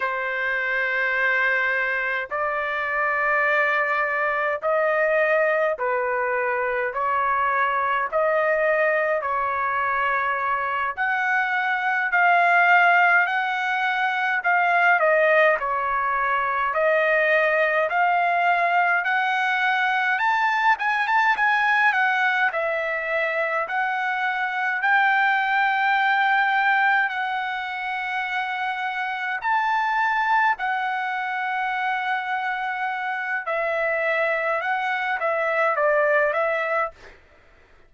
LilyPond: \new Staff \with { instrumentName = "trumpet" } { \time 4/4 \tempo 4 = 52 c''2 d''2 | dis''4 b'4 cis''4 dis''4 | cis''4. fis''4 f''4 fis''8~ | fis''8 f''8 dis''8 cis''4 dis''4 f''8~ |
f''8 fis''4 a''8 gis''16 a''16 gis''8 fis''8 e''8~ | e''8 fis''4 g''2 fis''8~ | fis''4. a''4 fis''4.~ | fis''4 e''4 fis''8 e''8 d''8 e''8 | }